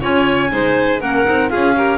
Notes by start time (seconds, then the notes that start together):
0.00 C#4 F4 C#5 G#5
0.49 G#3 D#4 C5
1.00 A#3 C#4 A#4 F#5
1.25 C4 D#4
1.49 C#4 F4 G#4 F5
1.76 G4 A#4